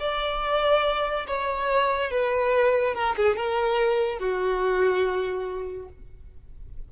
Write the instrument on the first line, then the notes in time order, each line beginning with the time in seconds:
violin
0.00 D5
1.28 C#5
2.11 B4
2.95 A#4
3.17 G#4
3.37 A#4
4.19 F#4